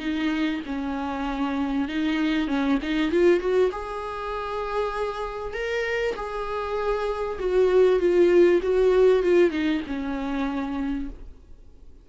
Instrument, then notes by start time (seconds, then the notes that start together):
viola
0.00 D#4
0.66 C#4
1.89 D#4
2.48 C#4
2.82 D#4
3.12 F4
3.40 F#4
3.72 G#4
5.54 A#4
6.16 G#4
7.40 F#4
8.00 F4
8.63 F#4
9.23 F4
9.51 D#4
9.87 C#4